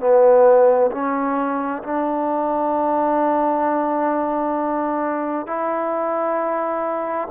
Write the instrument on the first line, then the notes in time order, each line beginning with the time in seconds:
trombone
0.00 B3
0.92 C#4
1.83 D4
5.47 E4